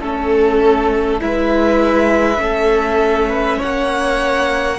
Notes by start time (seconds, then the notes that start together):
0.00 A3 C#4 A4
1.20 G#3 E4 B4 E5
2.36 A3 C#4 A4
3.29 B4
3.57 A#3 C#5 F#5